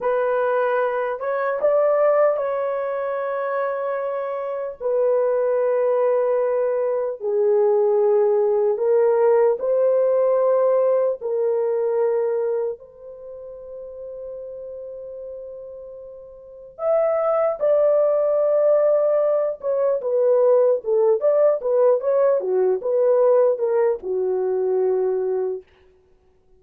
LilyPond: \new Staff \with { instrumentName = "horn" } { \time 4/4 \tempo 4 = 75 b'4. cis''8 d''4 cis''4~ | cis''2 b'2~ | b'4 gis'2 ais'4 | c''2 ais'2 |
c''1~ | c''4 e''4 d''2~ | d''8 cis''8 b'4 a'8 d''8 b'8 cis''8 | fis'8 b'4 ais'8 fis'2 | }